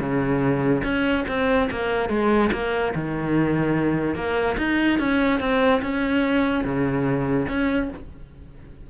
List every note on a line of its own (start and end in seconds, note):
0.00 0.83 C#3
0.83 1.25 C#4
1.28 1.69 C4
1.71 2.09 A#3
2.09 2.50 G#3
2.52 2.93 A#3
2.95 4.15 D#3
4.15 4.56 A#3
4.57 4.99 D#4
4.99 5.40 C#4
5.40 5.81 C4
5.82 6.64 C#4
6.64 7.47 C#3
7.48 7.89 C#4